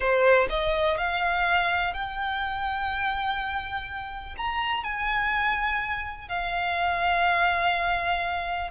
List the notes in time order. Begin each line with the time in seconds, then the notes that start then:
0.00 C5
0.49 D#5
0.97 F5
1.93 G5
4.37 A#5
4.83 G#5
6.28 F5